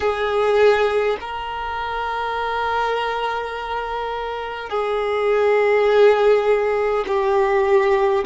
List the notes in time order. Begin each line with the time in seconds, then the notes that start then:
0.00 G#4
1.20 A#4
4.69 G#4
7.07 G4